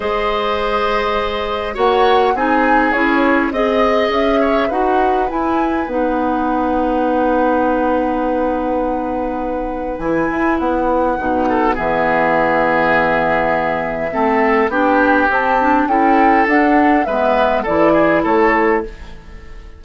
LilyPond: <<
  \new Staff \with { instrumentName = "flute" } { \time 4/4 \tempo 4 = 102 dis''2. fis''4 | gis''4 cis''4 dis''4 e''4 | fis''4 gis''4 fis''2~ | fis''1~ |
fis''4 gis''4 fis''2 | e''1~ | e''4 g''4 a''4 g''4 | fis''4 e''4 d''4 cis''4 | }
  \new Staff \with { instrumentName = "oboe" } { \time 4/4 c''2. cis''4 | gis'2 dis''4. cis''8 | b'1~ | b'1~ |
b'2.~ b'8 a'8 | gis'1 | a'4 g'2 a'4~ | a'4 b'4 a'8 gis'8 a'4 | }
  \new Staff \with { instrumentName = "clarinet" } { \time 4/4 gis'2. fis'4 | dis'4 e'4 gis'2 | fis'4 e'4 dis'2~ | dis'1~ |
dis'4 e'2 dis'4 | b1 | c'4 d'4 c'8 d'8 e'4 | d'4 b4 e'2 | }
  \new Staff \with { instrumentName = "bassoon" } { \time 4/4 gis2. ais4 | c'4 cis'4 c'4 cis'4 | dis'4 e'4 b2~ | b1~ |
b4 e8 e'8 b4 b,4 | e1 | a4 b4 c'4 cis'4 | d'4 gis4 e4 a4 | }
>>